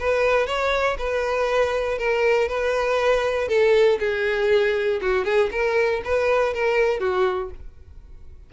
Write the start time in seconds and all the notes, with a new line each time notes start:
0.00 B4
0.47 C#5
0.98 B4
1.98 A#4
2.49 B4
3.48 A4
4.00 G#4
5.02 F#4
5.25 G#4
5.52 A#4
6.05 B4
6.54 A#4
7.00 F#4